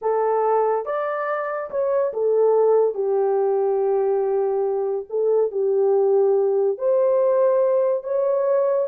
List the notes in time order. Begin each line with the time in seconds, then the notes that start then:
0.01 A4
0.85 D5
1.70 C#5
2.13 A4
2.94 G4
5.09 A4
5.51 G4
6.78 C5
8.03 C#5